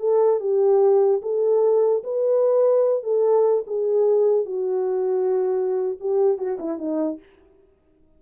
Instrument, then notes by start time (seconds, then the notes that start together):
horn
0.00 A4
0.40 G4
1.22 A4
2.04 B4
3.04 A4
3.67 G#4
4.46 F#4
6.00 G4
6.38 F#4
6.60 E4
6.79 D#4